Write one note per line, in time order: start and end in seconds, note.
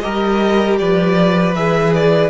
0.00 0.80 G3
0.00 1.54 G4
0.00 0.79 A#4
0.00 0.76 D#5
0.78 1.56 F3
0.78 2.30 B4
0.78 1.54 D5
1.55 2.30 E3
1.55 2.30 G#4
1.55 1.93 E5
1.94 2.30 D5